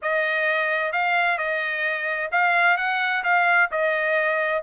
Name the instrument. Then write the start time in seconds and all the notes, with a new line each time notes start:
trumpet
0.01 D#5
0.92 F5
1.37 D#5
2.31 F5
2.77 F#5
3.23 F5
3.71 D#5